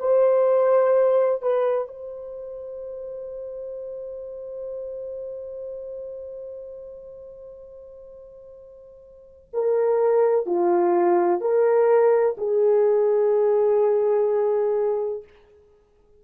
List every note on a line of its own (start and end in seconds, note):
0.00 1.42 C5
1.42 1.87 B4
1.87 9.49 C5
9.53 10.46 A#4
10.46 11.41 F4
11.41 12.36 A#4
12.38 15.23 G#4